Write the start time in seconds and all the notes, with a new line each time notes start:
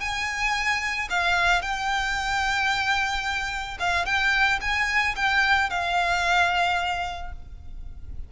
0.00 G#5
1.10 F5
1.62 G5
3.79 F5
4.05 G5
4.61 G#5
5.16 G5
5.70 F5